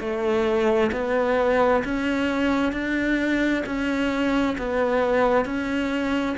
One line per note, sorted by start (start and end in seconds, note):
0.00 0.91 A3
0.92 1.83 B3
1.85 2.73 C#4
2.73 3.64 D4
3.66 4.57 C#4
4.58 5.45 B3
5.45 6.36 C#4